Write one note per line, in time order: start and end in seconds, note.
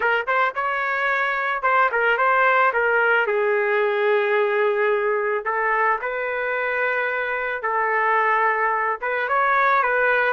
0.00 0.26 A#4
0.27 0.54 C5
0.54 1.62 C#5
1.62 1.89 C5
1.91 2.17 A#4
2.17 2.72 C5
2.73 3.26 A#4
3.26 5.44 G#4
5.44 5.99 A4
6.01 7.62 B4
7.62 8.99 A4
9.01 9.28 B4
9.28 9.82 C#5
9.82 10.33 B4